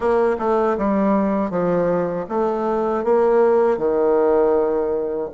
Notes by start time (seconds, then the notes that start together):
0.00 A#3
0.38 A3
0.77 G3
1.50 F3
2.28 A3
3.04 A#3
3.77 D#3